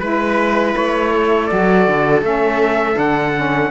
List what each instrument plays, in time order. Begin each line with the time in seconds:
0.00 cello G#3, saxophone E4, trumpet B4, viola B4
0.76 cello A3, trumpet C#5
1.11 viola A4
1.47 cello F#3, saxophone F#4, trumpet D5
1.88 cello D3
2.22 cello A3, saxophone C#4, trumpet E5
2.94 cello D3, saxophone D4, trumpet F#5
3.35 saxophone C#4